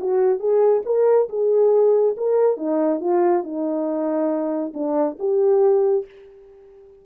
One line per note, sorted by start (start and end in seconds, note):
0.00 0.39 F#4
0.39 0.82 G#4
0.86 1.29 A#4
1.29 2.15 G#4
2.17 2.57 A#4
2.57 3.00 D#4
3.00 3.43 F4
3.43 4.73 D#4
4.74 5.17 D4
5.19 6.05 G4